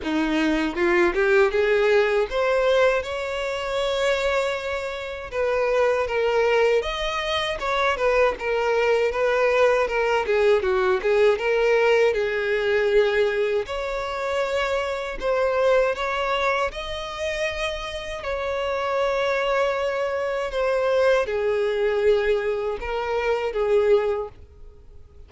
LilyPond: \new Staff \with { instrumentName = "violin" } { \time 4/4 \tempo 4 = 79 dis'4 f'8 g'8 gis'4 c''4 | cis''2. b'4 | ais'4 dis''4 cis''8 b'8 ais'4 | b'4 ais'8 gis'8 fis'8 gis'8 ais'4 |
gis'2 cis''2 | c''4 cis''4 dis''2 | cis''2. c''4 | gis'2 ais'4 gis'4 | }